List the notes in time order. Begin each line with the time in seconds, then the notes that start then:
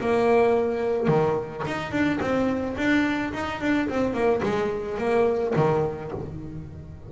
0.00 A#3
1.07 D#3
1.66 D#4
1.91 D4
2.21 C4
2.77 D4
3.33 D#4
3.60 D4
3.88 C4
4.13 A#3
4.42 G#3
4.98 A#3
5.56 D#3